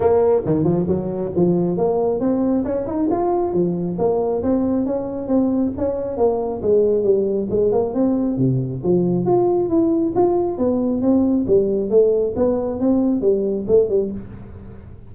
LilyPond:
\new Staff \with { instrumentName = "tuba" } { \time 4/4 \tempo 4 = 136 ais4 dis8 f8 fis4 f4 | ais4 c'4 cis'8 dis'8 f'4 | f4 ais4 c'4 cis'4 | c'4 cis'4 ais4 gis4 |
g4 gis8 ais8 c'4 c4 | f4 f'4 e'4 f'4 | b4 c'4 g4 a4 | b4 c'4 g4 a8 g8 | }